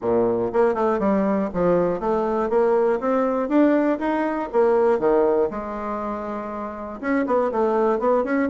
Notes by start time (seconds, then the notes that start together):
0.01 A#2
0.52 A#3
0.74 A3
0.99 G3
1.53 F3
2.00 A3
2.49 A#3
3.00 C4
3.48 D4
3.99 D#4
4.52 A#3
4.99 D#3
5.50 G#3
7.00 C#4
7.26 B3
7.51 A3
7.99 B3
8.23 C#4